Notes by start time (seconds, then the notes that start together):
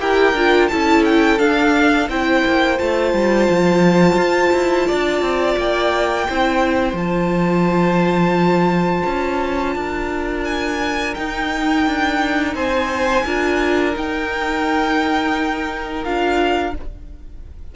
0.00 E4 G4 A#4 G5
0.33 D4 F4
0.68 C#4 E4 A4 A5
1.05 G5
1.39 D4 F5
2.09 C4 E4 C5 G5
2.45 A#3
2.78 A3 F4 A5
3.14 G3
3.50 F3
4.16 F4
4.53 E4
4.88 D4 D5
5.22 C4
5.57 A#3 G5
6.28 C4 E4 C5
6.93 F3 F4 A5
9.06 C#4
9.76 D4 A#4
10.45 G#5
11.15 D#4 G5
11.87 D4
12.55 C4 C5 G#5
13.26 D4 F4 A#4
13.94 D#4 G5
16.05 D4 F4 F5